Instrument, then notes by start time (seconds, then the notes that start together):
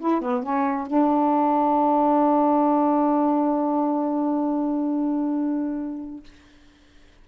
saxophone
0.00 E4
0.21 B3
0.43 C#4
0.87 D4